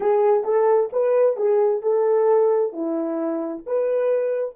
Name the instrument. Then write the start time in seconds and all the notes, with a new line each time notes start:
horn
0.00 G#4
0.43 A4
0.92 B4
1.36 G#4
1.81 A4
2.72 E4
3.66 B4